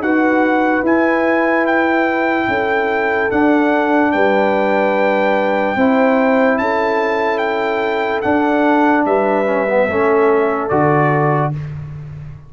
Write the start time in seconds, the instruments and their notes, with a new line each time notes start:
0.00 tuba D#4, trombone F#4, horn B4, trumpet F#5
0.83 tuba E4, trombone E4, trumpet G#5
1.67 trumpet G5
2.48 tuba C#4, horn A4
3.31 trombone D4, tuba D4, trumpet F#5
4.12 tuba G3, horn B4, trumpet G5
5.77 tuba C4, trombone E4, horn C5
6.59 tuba C#4, horn A4, trumpet A5
7.38 trumpet G5
8.22 trombone D4, tuba D4, trumpet F#5
9.06 tuba G3, horn B4, trumpet E5
9.46 trombone C#4
9.69 trombone B3
9.86 tuba A3, trombone C#4, horn A4
10.70 tuba D3, trombone F#4, trumpet D5